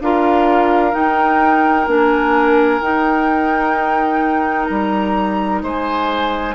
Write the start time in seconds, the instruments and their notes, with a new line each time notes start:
0.00 bassoon D4, clarinet F4, oboe A#4, flute F5
0.92 clarinet D#4, bassoon D#4, flute G5
1.87 bassoon A#3, clarinet D4, flute G#5
2.80 bassoon D#4, clarinet D#4, flute G5
4.65 bassoon G3, flute A#5
5.62 bassoon G#3, oboe C5, flute G#5